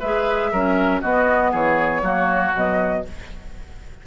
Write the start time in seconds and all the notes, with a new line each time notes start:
0.00 G#3 G#4 B4 E5
0.52 F#3 C#4 A#4
1.02 B3 F#4 D#5
1.51 E3 G#4 C#5
2.02 F#3 A#3 F#4
2.53 B2 F#3 D#5